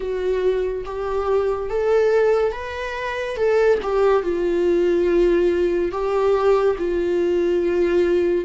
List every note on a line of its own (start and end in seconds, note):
0.00 0.84 F#4
0.85 1.69 G4
1.69 2.51 A4
2.51 3.36 B4
3.36 3.78 A4
3.82 4.23 G4
4.23 5.91 F4
5.91 6.76 G4
6.78 8.45 F4